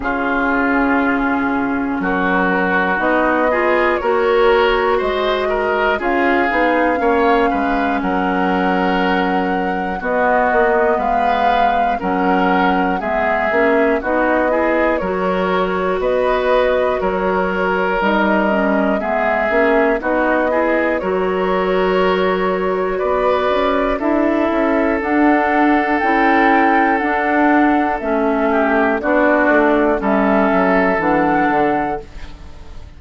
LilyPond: <<
  \new Staff \with { instrumentName = "flute" } { \time 4/4 \tempo 4 = 60 gis'2 ais'4 dis''4 | cis''4 dis''4 f''2 | fis''2 dis''4 f''4 | fis''4 e''4 dis''4 cis''4 |
dis''4 cis''4 dis''4 e''4 | dis''4 cis''2 d''4 | e''4 fis''4 g''4 fis''4 | e''4 d''4 e''4 fis''4 | }
  \new Staff \with { instrumentName = "oboe" } { \time 4/4 f'2 fis'4. gis'8 | ais'4 c''8 ais'8 gis'4 cis''8 b'8 | ais'2 fis'4 b'4 | ais'4 gis'4 fis'8 gis'8 ais'4 |
b'4 ais'2 gis'4 | fis'8 gis'8 ais'2 b'4 | a'1~ | a'8 g'8 fis'4 a'2 | }
  \new Staff \with { instrumentName = "clarinet" } { \time 4/4 cis'2. dis'8 f'8 | fis'2 f'8 dis'8 cis'4~ | cis'2 b2 | cis'4 b8 cis'8 dis'8 e'8 fis'4~ |
fis'2 dis'8 cis'8 b8 cis'8 | dis'8 e'8 fis'2. | e'4 d'4 e'4 d'4 | cis'4 d'4 cis'4 d'4 | }
  \new Staff \with { instrumentName = "bassoon" } { \time 4/4 cis2 fis4 b4 | ais4 gis4 cis'8 b8 ais8 gis8 | fis2 b8 ais8 gis4 | fis4 gis8 ais8 b4 fis4 |
b4 fis4 g4 gis8 ais8 | b4 fis2 b8 cis'8 | d'8 cis'8 d'4 cis'4 d'4 | a4 b8 a8 g8 fis8 e8 d8 | }
>>